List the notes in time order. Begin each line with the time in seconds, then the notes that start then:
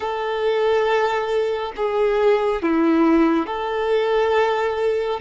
0.00 A4
1.76 G#4
2.62 E4
3.46 A4